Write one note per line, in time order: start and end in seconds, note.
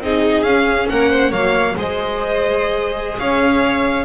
0.00 0.43 C4
0.00 0.47 D#4
0.00 0.90 G#4
0.00 0.43 D#5
0.43 0.87 C#4
0.43 1.32 C#4
0.43 0.87 F5
0.89 1.31 A#3
0.89 1.10 A#4
0.89 1.32 F#5
1.10 1.30 C5
1.30 1.75 F#3
1.30 1.76 A#3
1.30 1.74 C#5
1.30 1.76 F5
1.76 3.18 G#3
1.76 4.05 G#4
1.76 3.19 C5
1.76 3.18 D#5
3.18 4.05 C#4
3.18 4.05 C#5
3.18 4.05 F5